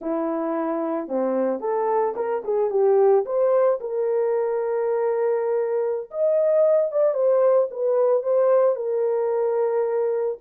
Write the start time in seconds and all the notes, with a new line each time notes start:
0.01 E4
1.08 C4
1.60 A4
2.16 A#4
2.44 G#4
2.70 G4
3.25 C5
3.80 A#4
6.11 D#5
6.91 D5
7.14 C5
7.71 B4
8.23 C5
8.75 A#4